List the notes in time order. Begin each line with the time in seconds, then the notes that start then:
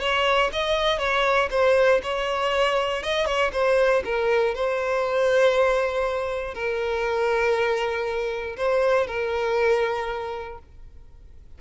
0.00 C#5
0.52 D#5
0.99 C#5
1.51 C5
2.03 C#5
3.03 D#5
3.26 C#5
3.53 C5
4.05 A#4
4.55 C5
6.54 A#4
8.57 C5
9.07 A#4